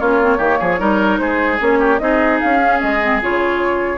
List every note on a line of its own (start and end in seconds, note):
0.00 0.39 A#3
0.00 0.22 C#4
0.00 0.38 F4
0.00 1.19 C#5
0.22 0.38 C4
0.38 0.59 D#3
0.38 0.78 A#3
0.38 0.58 G4
0.60 0.81 F3
0.60 0.80 G#4
0.78 1.19 G3
0.78 1.59 D#4
0.78 1.20 A#4
1.19 1.60 G#3
1.19 1.80 G#4
1.19 1.59 C5
1.60 2.01 A#3
1.60 2.00 C#4
1.60 1.99 C#5
1.80 2.00 G4
1.99 2.41 C4
1.99 2.60 D#4
1.99 3.98 G#4
1.99 2.39 D#5
2.41 2.83 C#4
2.41 2.81 F5
2.61 3.01 C#4
2.82 3.22 G#3
2.82 3.22 D#5
3.02 3.22 C4
3.22 3.98 C#3
3.22 3.98 F4
3.22 3.98 C#5